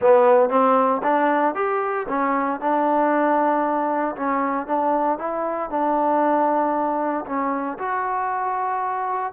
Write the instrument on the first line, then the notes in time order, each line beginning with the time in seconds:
trombone
0.01 B3
0.49 C4
1.03 D4
1.54 G4
2.08 C#4
2.60 D4
4.16 C#4
4.67 D4
5.18 E4
5.69 D4
7.26 C#4
7.78 F#4